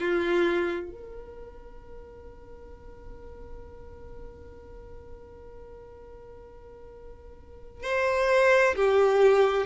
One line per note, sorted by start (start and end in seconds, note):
0.00 0.91 F4
0.91 7.83 A#4
7.83 8.76 C5
8.76 9.66 G4